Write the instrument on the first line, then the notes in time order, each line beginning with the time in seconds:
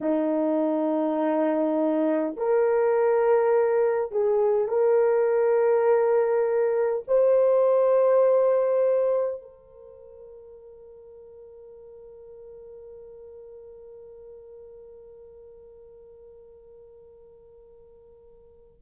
horn
0.01 D#4
2.36 A#4
4.11 G#4
4.67 A#4
7.07 C5
9.41 A#4